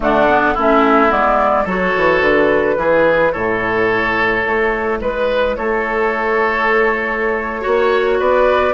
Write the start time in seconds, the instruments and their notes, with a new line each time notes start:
0.00 bassoon D3, clarinet A3, oboe D4, flute F#5
0.28 clarinet B3
0.54 bassoon A3, clarinet C#4, oboe E4, flute E5
1.09 bassoon G#3, clarinet B3, flute D5
1.64 bassoon F#3, clarinet F#4, oboe A4, flute C#5
1.97 bassoon E3
2.21 bassoon D3, flute B4
2.76 bassoon E3, clarinet E4, oboe G#4
3.32 bassoon A2, oboe A4, flute C#5
4.45 bassoon A3
5.00 bassoon G#3, oboe B4, flute B4
5.56 bassoon A3, oboe A4, flute C#5
7.61 bassoon A#3, clarinet F#4, oboe C#5
8.19 bassoon B3, oboe B4, flute D5